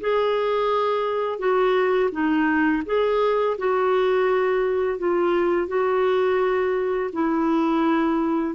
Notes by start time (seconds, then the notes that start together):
0.00 G#4
1.38 F#4
2.11 D#4
2.85 G#4
3.57 F#4
4.98 F4
5.67 F#4
7.13 E4